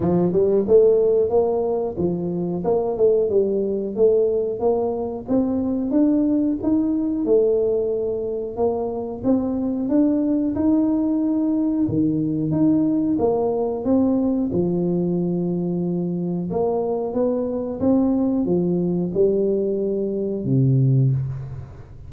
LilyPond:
\new Staff \with { instrumentName = "tuba" } { \time 4/4 \tempo 4 = 91 f8 g8 a4 ais4 f4 | ais8 a8 g4 a4 ais4 | c'4 d'4 dis'4 a4~ | a4 ais4 c'4 d'4 |
dis'2 dis4 dis'4 | ais4 c'4 f2~ | f4 ais4 b4 c'4 | f4 g2 c4 | }